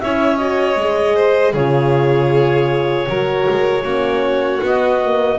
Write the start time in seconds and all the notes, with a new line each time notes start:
0.00 C#4 E4 C#5 E5
0.37 F#4 D#5
0.76 G#3 G#4
1.15 C5
1.52 C#3 F4 G#4 C#5
3.09 F#3 F#4 A#4
3.50 G#3
3.83 A#3 C#4 F#4
4.62 B3 D#5
5.03 A#3